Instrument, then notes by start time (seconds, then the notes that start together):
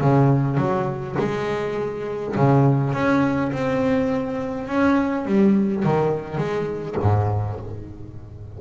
double bass
0.00 C#3
0.57 F#3
1.19 G#3
2.36 C#3
2.93 C#4
3.52 C4
4.67 C#4
5.25 G3
5.84 D#3
6.37 G#3
7.01 G#2